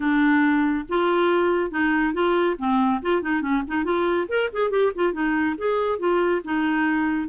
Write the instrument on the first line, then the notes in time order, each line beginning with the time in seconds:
clarinet
0.00 D4
0.89 F4
1.70 D#4
2.13 F4
2.58 C4
3.02 F4
3.22 D#4
3.41 C#4
3.67 D#4
3.84 F4
4.28 A#4
4.52 G#4
4.70 G4
4.95 F4
5.13 D#4
5.57 G#4
5.98 F4
6.44 D#4